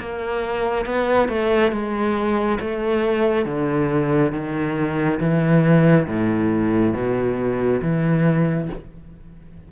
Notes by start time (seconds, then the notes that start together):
0.00 A#3
0.86 B3
1.29 A3
1.72 G#3
2.60 A3
3.46 D3
4.33 D#3
5.20 E3
6.08 A2
6.94 B2
7.82 E3